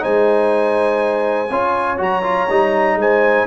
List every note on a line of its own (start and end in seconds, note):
0.00 1.50 G#3
0.00 1.48 D#4
0.00 1.51 C5
0.00 2.00 G#5
1.50 1.99 C#4
1.50 1.97 F4
1.50 2.98 C#5
1.97 2.49 F#3
1.97 2.22 F#4
1.97 3.00 A#5
2.23 2.47 F4
2.50 2.96 G3
2.50 3.47 D#4
2.96 3.45 G#3
2.96 3.47 C5
2.96 3.47 G#5